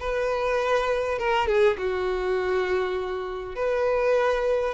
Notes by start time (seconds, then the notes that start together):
0.00 B4
1.19 A#4
1.48 G#4
1.78 F#4
3.56 B4